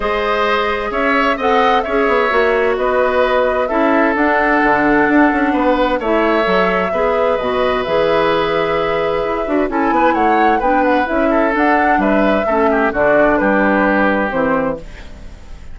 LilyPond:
<<
  \new Staff \with { instrumentName = "flute" } { \time 4/4 \tempo 4 = 130 dis''2 e''4 fis''4 | e''2 dis''2 | e''4 fis''2.~ | fis''4 e''2. |
dis''4 e''2.~ | e''4 gis''4 fis''4 g''8 fis''8 | e''4 fis''4 e''2 | d''4 b'2 c''4 | }
  \new Staff \with { instrumentName = "oboe" } { \time 4/4 c''2 cis''4 dis''4 | cis''2 b'2 | a'1 | b'4 cis''2 b'4~ |
b'1~ | b'4 a'8 b'8 cis''4 b'4~ | b'8 a'4. b'4 a'8 g'8 | fis'4 g'2. | }
  \new Staff \with { instrumentName = "clarinet" } { \time 4/4 gis'2. a'4 | gis'4 fis'2. | e'4 d'2.~ | d'4 e'4 a'4 gis'4 |
fis'4 gis'2.~ | gis'8 fis'8 e'2 d'4 | e'4 d'2 cis'4 | d'2. c'4 | }
  \new Staff \with { instrumentName = "bassoon" } { \time 4/4 gis2 cis'4 c'4 | cis'8 b8 ais4 b2 | cis'4 d'4 d4 d'8 cis'8 | b4 a4 fis4 b4 |
b,4 e2. | e'8 d'8 cis'8 b8 a4 b4 | cis'4 d'4 g4 a4 | d4 g2 e4 | }
>>